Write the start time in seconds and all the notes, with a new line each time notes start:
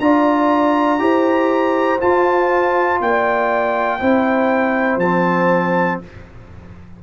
0.00 D4 F4 D5 A#5
0.99 E4 G4 C5
2.00 F4 A5
3.01 A#3 D5 G5
4.00 C4 E4 C5
4.97 F3 A5
5.03 C4